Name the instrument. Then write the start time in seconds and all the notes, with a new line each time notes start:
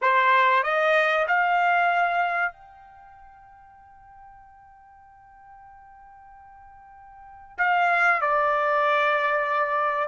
trumpet
0.01 C5
0.63 D#5
1.27 F5
2.52 G5
7.58 F5
8.21 D5